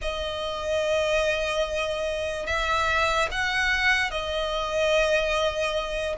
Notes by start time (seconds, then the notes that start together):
0.01 D#5
2.46 E5
3.31 F#5
4.10 D#5